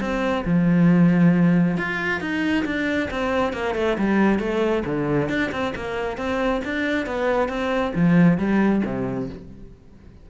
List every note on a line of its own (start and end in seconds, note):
0.00 0.44 C4
0.45 1.77 F3
1.77 2.20 F4
2.20 2.65 D#4
2.65 3.09 D4
3.11 3.53 C4
3.53 3.75 A#3
3.75 3.97 A3
3.98 4.39 G3
4.39 4.83 A3
4.85 5.29 D3
5.29 5.51 D4
5.51 5.74 C4
5.75 6.17 A#3
6.17 6.61 C4
6.65 7.06 D4
7.06 7.49 B3
7.49 7.93 C4
7.95 8.38 F3
8.38 8.82 G3
8.85 9.29 C3